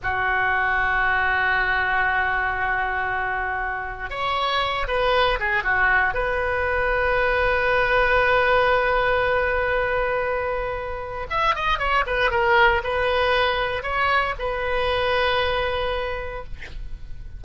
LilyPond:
\new Staff \with { instrumentName = "oboe" } { \time 4/4 \tempo 4 = 117 fis'1~ | fis'1 | cis''4. b'4 gis'8 fis'4 | b'1~ |
b'1~ | b'2 e''8 dis''8 cis''8 b'8 | ais'4 b'2 cis''4 | b'1 | }